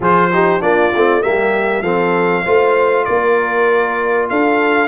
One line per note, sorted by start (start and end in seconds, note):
0.00 0.61 F3
0.00 0.31 F4
0.00 0.31 G#4
0.00 0.61 C5
0.32 0.61 D#4
0.32 0.62 G4
0.61 0.93 A#3
0.61 0.91 D4
0.61 1.22 F4
0.61 1.22 D5
0.94 1.25 A3
0.94 1.22 C4
1.22 1.82 G3
1.22 1.83 A#3
1.22 1.82 G4
1.22 1.82 E5
1.82 2.43 F3
1.82 2.45 C4
1.82 2.43 A4
1.82 3.04 F5
2.44 3.07 A3
2.44 4.88 F4
2.44 3.05 C5
3.04 4.30 A#3
3.04 4.29 A#4
3.04 4.27 D5
4.29 4.88 D4
4.29 4.88 A4
4.29 4.88 F5